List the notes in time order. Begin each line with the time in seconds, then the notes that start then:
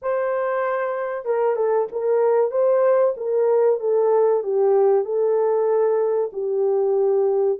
0.02 C5
1.25 A#4
1.56 A4
1.92 A#4
2.51 C5
3.16 A#4
3.80 A4
4.43 G4
5.04 A4
6.32 G4